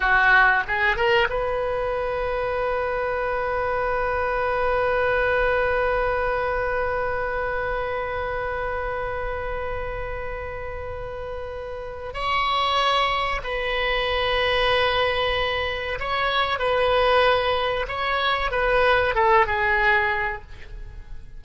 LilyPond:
\new Staff \with { instrumentName = "oboe" } { \time 4/4 \tempo 4 = 94 fis'4 gis'8 ais'8 b'2~ | b'1~ | b'1~ | b'1~ |
b'2. cis''4~ | cis''4 b'2.~ | b'4 cis''4 b'2 | cis''4 b'4 a'8 gis'4. | }